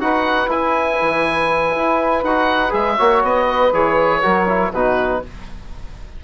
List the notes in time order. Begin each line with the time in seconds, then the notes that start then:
0.00 D#4 F#4 B4 F#5
0.47 E4 G#5
1.01 E3
1.76 E4
2.23 D#4 F#4 F#5
2.70 G#3 G#4 E5
2.96 A#3 F#4 C#5
3.23 B3 D#5
3.49 B4
3.73 E3 G#4 C#5
4.21 F#3 F#4 A#4
4.49 E4
4.72 B2 D#4 F#4 B4